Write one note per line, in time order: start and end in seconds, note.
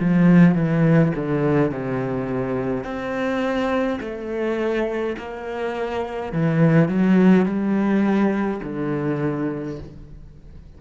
0.00 0.55 F3
0.55 1.12 E3
1.15 1.71 D3
1.71 2.84 C3
2.84 3.99 C4
4.01 5.16 A3
5.18 6.33 A#3
6.33 6.88 E3
6.88 7.45 F#3
7.45 8.61 G3
8.63 9.79 D3